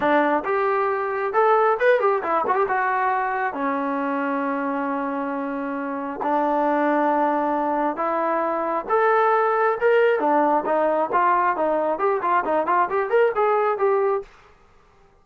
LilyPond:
\new Staff \with { instrumentName = "trombone" } { \time 4/4 \tempo 4 = 135 d'4 g'2 a'4 | b'8 g'8 e'8 fis'16 g'16 fis'2 | cis'1~ | cis'2 d'2~ |
d'2 e'2 | a'2 ais'4 d'4 | dis'4 f'4 dis'4 g'8 f'8 | dis'8 f'8 g'8 ais'8 gis'4 g'4 | }